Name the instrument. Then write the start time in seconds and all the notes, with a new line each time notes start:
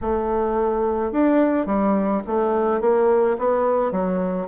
bassoon
0.01 A3
1.12 D4
1.66 G3
2.26 A3
2.80 A#3
3.38 B3
3.91 F#3